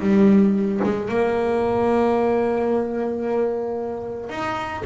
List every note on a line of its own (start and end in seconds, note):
0.00 0.80 G3
0.84 1.09 G#3
1.09 4.30 A#3
4.30 4.83 D#4